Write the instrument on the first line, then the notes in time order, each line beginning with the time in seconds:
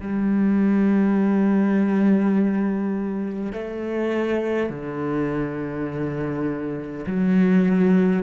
cello
0.00 G3
3.52 A3
4.70 D3
7.06 F#3